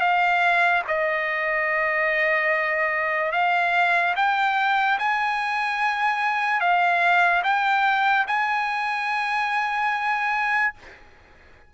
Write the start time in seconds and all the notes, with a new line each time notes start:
0.00 F5
0.87 D#5
3.32 F5
4.16 G5
4.98 G#5
6.60 F5
7.43 G5
8.27 G#5